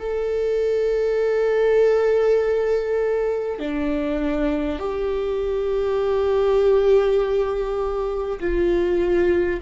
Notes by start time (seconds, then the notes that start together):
0.00 A4
3.59 D4
4.79 G4
8.40 F4